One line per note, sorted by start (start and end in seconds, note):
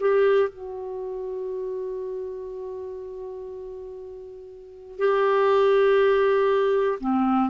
0.00 0.50 G4
0.50 4.99 F#4
4.99 6.99 G4
7.00 7.50 C4